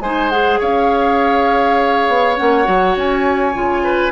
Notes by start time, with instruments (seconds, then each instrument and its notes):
0.00 bassoon G#3, clarinet D#4, oboe C5, flute G#5
0.30 clarinet G#4, flute F#5
0.59 bassoon C#4, oboe C#5, flute F5
2.08 bassoon B3
2.37 bassoon A#3, clarinet C#4, flute F#5
2.64 bassoon F#3, clarinet F#4
2.97 bassoon C#4, flute G#5
3.55 bassoon C#3, clarinet F4
3.84 oboe B4